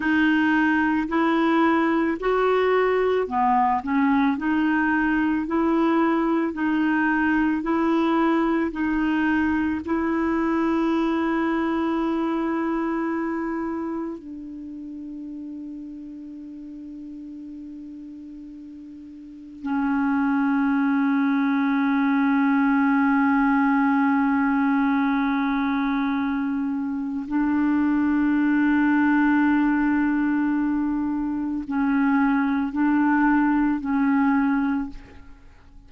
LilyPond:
\new Staff \with { instrumentName = "clarinet" } { \time 4/4 \tempo 4 = 55 dis'4 e'4 fis'4 b8 cis'8 | dis'4 e'4 dis'4 e'4 | dis'4 e'2.~ | e'4 d'2.~ |
d'2 cis'2~ | cis'1~ | cis'4 d'2.~ | d'4 cis'4 d'4 cis'4 | }